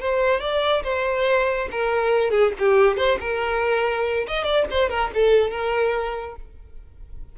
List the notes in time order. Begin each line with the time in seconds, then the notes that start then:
0.00 C5
0.40 D5
0.83 C5
1.71 A#4
2.31 G#4
2.59 G4
2.97 C5
3.20 A#4
4.27 D#5
4.44 D5
4.70 C5
4.89 A#4
5.14 A4
5.50 A#4